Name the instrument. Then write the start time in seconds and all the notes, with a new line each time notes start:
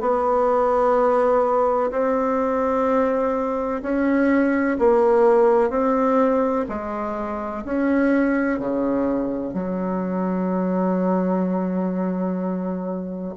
bassoon
0.00 B3
1.91 C4
3.82 C#4
4.78 A#3
5.70 C4
6.68 G#3
7.65 C#4
8.59 C#3
9.53 F#3